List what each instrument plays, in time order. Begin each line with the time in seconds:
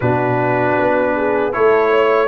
0.00 tuba B2, trombone D4, horn F#4, trumpet B4
0.78 tuba B3
1.15 horn G#4
1.52 tuba A3, trombone E4, horn A4, trumpet C#5
1.90 horn C#5